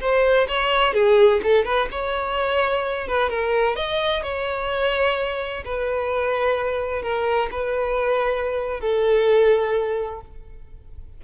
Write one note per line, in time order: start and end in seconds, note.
0.00 0.47 C5
0.48 0.93 C#5
0.93 1.40 G#4
1.43 1.64 A4
1.64 1.88 B4
1.91 3.07 C#5
3.07 3.29 B4
3.29 3.75 A#4
3.75 4.22 D#5
4.22 5.63 C#5
5.64 7.02 B4
7.02 7.49 A#4
7.51 8.80 B4
8.80 10.21 A4